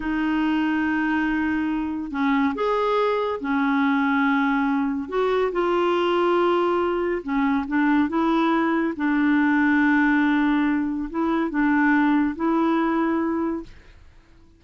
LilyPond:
\new Staff \with { instrumentName = "clarinet" } { \time 4/4 \tempo 4 = 141 dis'1~ | dis'4 cis'4 gis'2 | cis'1 | fis'4 f'2.~ |
f'4 cis'4 d'4 e'4~ | e'4 d'2.~ | d'2 e'4 d'4~ | d'4 e'2. | }